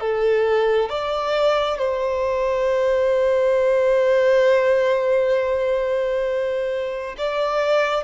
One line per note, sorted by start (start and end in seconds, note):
0.00 0.89 A4
0.89 1.78 D5
1.78 7.16 C5
7.18 8.04 D5